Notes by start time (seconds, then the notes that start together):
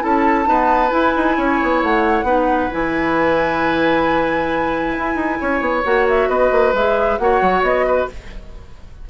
0.00 C#4 E4 A4 A5
0.46 B3 D#4 B4
0.91 E4 G#5
1.16 D#4
1.37 C#4 C#5
1.62 B3
1.83 A3 F#5
2.23 B3 D#4 B4
2.71 E3 E4 G#5
4.98 E4
5.15 D#4
5.40 C#4 C#5
5.60 B3
5.84 A#3 F#4 F#5
6.08 E5
6.28 B3 B4 D#5
6.51 A#3
6.73 G#3 G#4 E5
7.18 A#3 F#4 C#5 F#5
7.41 F#3
7.62 B3 D#5
7.86 B4